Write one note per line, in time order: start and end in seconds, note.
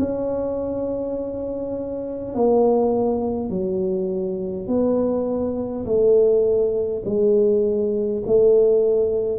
0.00 2.35 C#4
2.35 3.50 A#3
3.50 4.68 F#3
4.68 5.86 B3
5.86 7.03 A3
7.06 8.24 G#3
8.27 9.39 A3